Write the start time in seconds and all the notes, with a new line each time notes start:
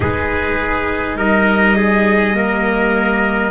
0.00 G#3 D#4 G#4 B4
1.16 G3 A#4 D#5
1.76 G#4
2.34 A#3 A#4